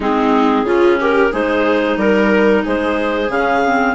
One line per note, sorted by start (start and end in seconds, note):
0.00 0.63 G#3
0.00 0.66 C4
0.00 0.65 D#4
0.00 0.99 G#4
0.63 1.29 C#3
0.63 1.30 C#4
0.63 0.98 F4
1.00 1.31 G4
1.00 1.33 A#4
1.30 1.97 G#3
1.30 3.28 D#4
1.30 1.97 G#4
1.30 1.98 C5
1.97 2.62 G3
1.97 2.63 A#4
1.97 2.64 A#4
2.63 3.28 G#3
2.63 3.95 G#4
2.63 3.30 C5
3.28 3.94 C#3
3.28 3.62 C#4
3.28 3.95 F5
3.65 3.95 C4